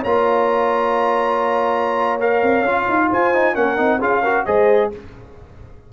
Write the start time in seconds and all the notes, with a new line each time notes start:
0.00 A#3 F4 C#5 A#5
2.20 A#4 F5
2.42 C4
2.61 C#4 F4
2.88 D#4
3.09 F4 C5 G#5
3.33 D#4
3.54 A#3 C#4 A#4 F#5
3.76 C4 D#4
3.99 C#4 F4 G#4 F5
4.21 F#4 A#4
4.45 G#3 G#4 C5 D#5